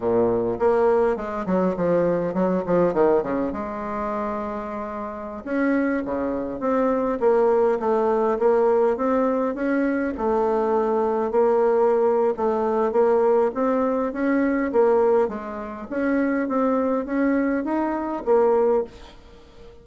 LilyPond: \new Staff \with { instrumentName = "bassoon" } { \time 4/4 \tempo 4 = 102 ais,4 ais4 gis8 fis8 f4 | fis8 f8 dis8 cis8 gis2~ | gis4~ gis16 cis'4 cis4 c'8.~ | c'16 ais4 a4 ais4 c'8.~ |
c'16 cis'4 a2 ais8.~ | ais4 a4 ais4 c'4 | cis'4 ais4 gis4 cis'4 | c'4 cis'4 dis'4 ais4 | }